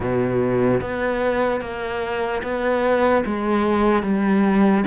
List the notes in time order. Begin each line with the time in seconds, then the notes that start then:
0.00 B2
0.80 B3
1.60 A#3
2.43 B3
3.25 G#3
4.02 G3